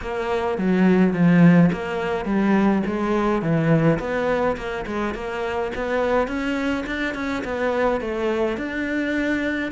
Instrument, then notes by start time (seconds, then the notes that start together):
cello
0.01 A#3
0.58 F#3
1.13 F3
1.72 A#3
2.25 G3
2.86 G#3
3.41 E3
3.99 B3
4.56 A#3
4.86 G#3
5.14 A#3
5.75 B3
6.27 C#4
6.86 D4
7.14 C#4
7.44 B3
8.01 A3
8.57 D4